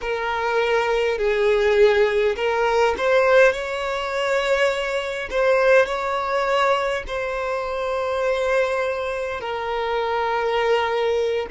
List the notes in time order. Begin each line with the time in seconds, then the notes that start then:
0.01 A#4
1.18 G#4
2.35 A#4
2.97 C5
3.52 C#5
5.30 C5
5.86 C#5
7.06 C5
9.40 A#4